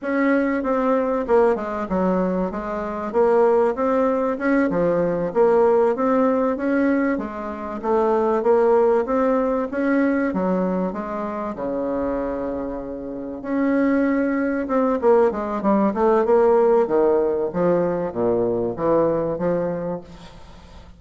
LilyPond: \new Staff \with { instrumentName = "bassoon" } { \time 4/4 \tempo 4 = 96 cis'4 c'4 ais8 gis8 fis4 | gis4 ais4 c'4 cis'8 f8~ | f8 ais4 c'4 cis'4 gis8~ | gis8 a4 ais4 c'4 cis'8~ |
cis'8 fis4 gis4 cis4.~ | cis4. cis'2 c'8 | ais8 gis8 g8 a8 ais4 dis4 | f4 ais,4 e4 f4 | }